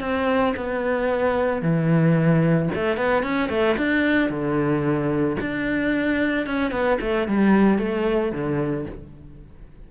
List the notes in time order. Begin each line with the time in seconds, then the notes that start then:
0.00 C4
0.56 B3
1.62 E3
2.75 A3
2.97 B3
3.23 C#4
3.49 A3
3.77 D4
4.30 D3
5.40 D4
6.47 C#4
6.71 B3
7.01 A3
7.28 G3
7.78 A3
8.32 D3